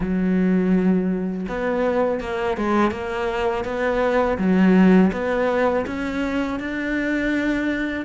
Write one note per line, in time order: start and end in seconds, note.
0.00 1.46 F#3
1.48 2.20 B3
2.20 2.57 A#3
2.57 2.91 G#3
2.91 3.64 A#3
3.64 4.37 B3
4.38 5.11 F#3
5.12 5.85 B3
5.86 6.59 C#4
6.59 8.05 D4